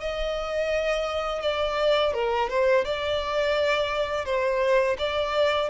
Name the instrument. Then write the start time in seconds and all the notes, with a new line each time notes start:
violin
0.00 D#5
1.42 D5
2.13 A#4
2.49 C5
2.84 D5
4.25 C5
4.98 D5